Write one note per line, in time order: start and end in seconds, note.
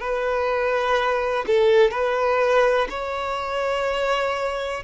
0.00 1.45 B4
1.47 1.91 A4
1.91 2.88 B4
2.89 4.83 C#5